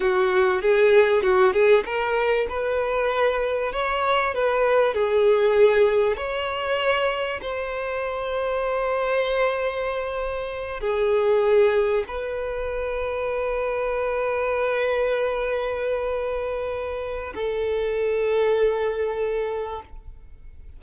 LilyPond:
\new Staff \with { instrumentName = "violin" } { \time 4/4 \tempo 4 = 97 fis'4 gis'4 fis'8 gis'8 ais'4 | b'2 cis''4 b'4 | gis'2 cis''2 | c''1~ |
c''4. gis'2 b'8~ | b'1~ | b'1 | a'1 | }